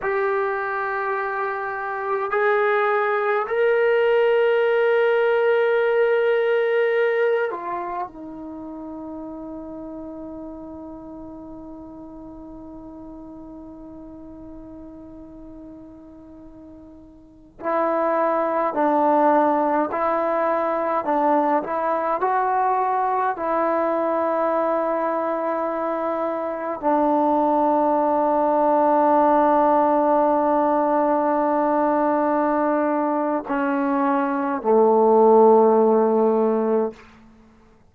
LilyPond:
\new Staff \with { instrumentName = "trombone" } { \time 4/4 \tempo 4 = 52 g'2 gis'4 ais'4~ | ais'2~ ais'8 f'8 dis'4~ | dis'1~ | dis'2.~ dis'16 e'8.~ |
e'16 d'4 e'4 d'8 e'8 fis'8.~ | fis'16 e'2. d'8.~ | d'1~ | d'4 cis'4 a2 | }